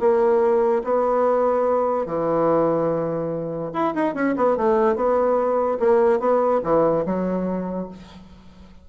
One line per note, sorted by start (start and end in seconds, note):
0.00 0.83 A#3
0.84 2.07 B3
2.07 3.72 E3
3.73 3.94 E4
3.95 4.15 D#4
4.15 4.35 C#4
4.37 4.57 B3
4.57 4.96 A3
4.96 5.79 B3
5.80 6.20 A#3
6.20 6.61 B3
6.64 7.05 E3
7.06 7.88 F#3